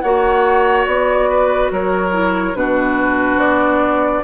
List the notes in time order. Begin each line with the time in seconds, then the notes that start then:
0.00 A#3 F#4 C#5 F#5
0.86 B3 D5
1.29 B4
1.70 F#3 A#4 C#5
2.11 E4
2.54 B2 D4 F#4 B4
3.36 B3 D5